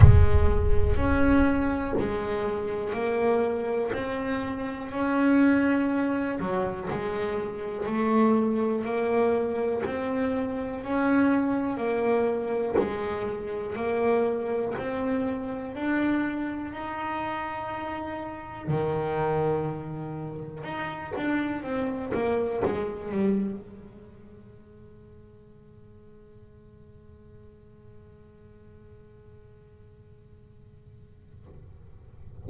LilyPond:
\new Staff \with { instrumentName = "double bass" } { \time 4/4 \tempo 4 = 61 gis4 cis'4 gis4 ais4 | c'4 cis'4. fis8 gis4 | a4 ais4 c'4 cis'4 | ais4 gis4 ais4 c'4 |
d'4 dis'2 dis4~ | dis4 dis'8 d'8 c'8 ais8 gis8 g8 | gis1~ | gis1 | }